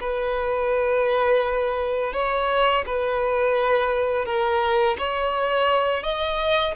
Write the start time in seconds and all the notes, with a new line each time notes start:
0.00 B4
2.13 C#5
2.86 B4
4.25 A#4
4.98 C#5
6.03 D#5